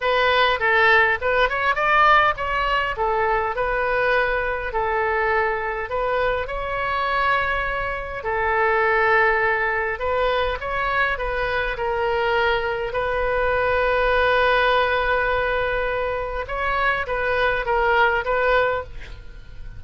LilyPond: \new Staff \with { instrumentName = "oboe" } { \time 4/4 \tempo 4 = 102 b'4 a'4 b'8 cis''8 d''4 | cis''4 a'4 b'2 | a'2 b'4 cis''4~ | cis''2 a'2~ |
a'4 b'4 cis''4 b'4 | ais'2 b'2~ | b'1 | cis''4 b'4 ais'4 b'4 | }